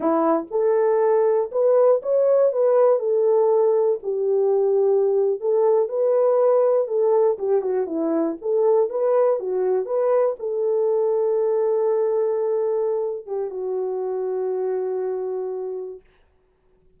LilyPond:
\new Staff \with { instrumentName = "horn" } { \time 4/4 \tempo 4 = 120 e'4 a'2 b'4 | cis''4 b'4 a'2 | g'2~ g'8. a'4 b'16~ | b'4.~ b'16 a'4 g'8 fis'8 e'16~ |
e'8. a'4 b'4 fis'4 b'16~ | b'8. a'2.~ a'16~ | a'2~ a'8 g'8 fis'4~ | fis'1 | }